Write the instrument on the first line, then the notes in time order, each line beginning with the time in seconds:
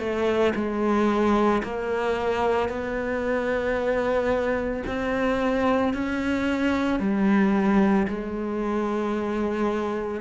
cello
0.00 A3
0.56 G#3
1.63 A#3
2.69 B3
4.87 C4
5.94 C#4
7.00 G3
8.08 G#3